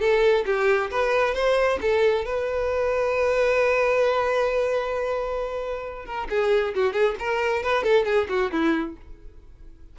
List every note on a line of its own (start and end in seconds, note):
0.00 0.45 A4
0.46 0.90 G4
0.91 1.34 B4
1.34 1.79 C5
1.81 2.25 A4
2.25 6.05 B4
6.05 6.28 A#4
6.30 6.74 G#4
6.75 6.93 F#4
6.93 7.15 G#4
7.19 7.63 A#4
7.63 7.84 B4
7.84 8.05 A4
8.05 8.27 G#4
8.29 8.51 F#4
8.51 8.96 E4